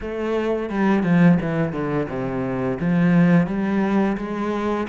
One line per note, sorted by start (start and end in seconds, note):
0.00 0.69 A3
0.69 1.03 G3
1.03 1.38 F3
1.41 1.72 E3
1.72 2.07 D3
2.08 2.78 C3
2.80 3.47 F3
3.47 4.16 G3
4.17 4.87 G#3